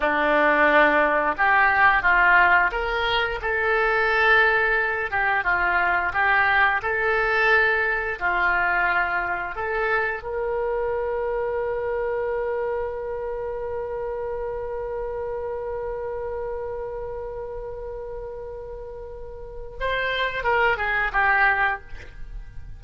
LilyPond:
\new Staff \with { instrumentName = "oboe" } { \time 4/4 \tempo 4 = 88 d'2 g'4 f'4 | ais'4 a'2~ a'8 g'8 | f'4 g'4 a'2 | f'2 a'4 ais'4~ |
ais'1~ | ais'1~ | ais'1~ | ais'4 c''4 ais'8 gis'8 g'4 | }